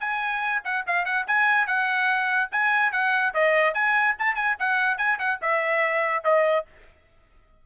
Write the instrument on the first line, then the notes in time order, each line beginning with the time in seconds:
trumpet
0.00 G#5
0.65 F#5
0.87 F5
1.05 F#5
1.28 G#5
1.67 F#5
2.52 G#5
2.92 F#5
3.34 D#5
3.74 G#5
4.19 A5
4.35 G#5
4.59 F#5
4.98 G#5
5.19 F#5
5.42 E5
6.24 D#5